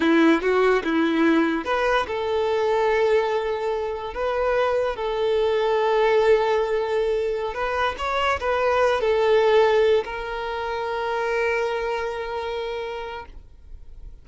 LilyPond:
\new Staff \with { instrumentName = "violin" } { \time 4/4 \tempo 4 = 145 e'4 fis'4 e'2 | b'4 a'2.~ | a'2 b'2 | a'1~ |
a'2~ a'16 b'4 cis''8.~ | cis''16 b'4. a'2~ a'16~ | a'16 ais'2.~ ais'8.~ | ais'1 | }